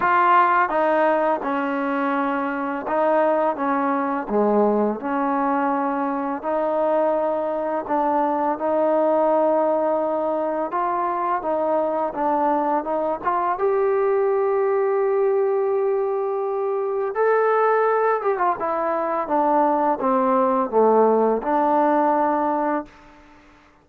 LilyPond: \new Staff \with { instrumentName = "trombone" } { \time 4/4 \tempo 4 = 84 f'4 dis'4 cis'2 | dis'4 cis'4 gis4 cis'4~ | cis'4 dis'2 d'4 | dis'2. f'4 |
dis'4 d'4 dis'8 f'8 g'4~ | g'1 | a'4. g'16 f'16 e'4 d'4 | c'4 a4 d'2 | }